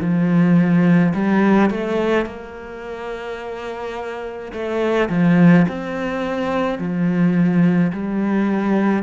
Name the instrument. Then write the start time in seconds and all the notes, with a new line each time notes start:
cello
0.00 F3
1.14 G3
1.70 A3
2.25 A#3
4.52 A3
5.09 F3
5.68 C4
6.79 F3
7.92 G3